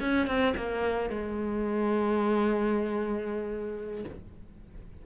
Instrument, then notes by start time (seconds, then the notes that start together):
cello
0.00 C#4
0.27 C4
0.56 A#3
1.10 G#3